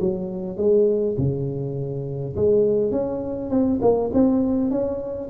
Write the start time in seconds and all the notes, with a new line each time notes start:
0.00 F#3
0.57 G#3
1.18 C#3
2.36 G#3
2.91 C#4
3.50 C4
3.81 A#3
4.13 C4
4.71 C#4